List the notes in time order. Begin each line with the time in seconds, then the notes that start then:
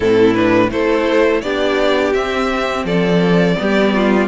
0.00 A2 C4 E4 A4
0.34 D4 B4
0.71 A3 E4 A4 C5
1.41 B3 D4 G4 D5
2.13 C4 E5
2.84 F3 A4 D5
3.57 G3 B3 G4
3.94 F4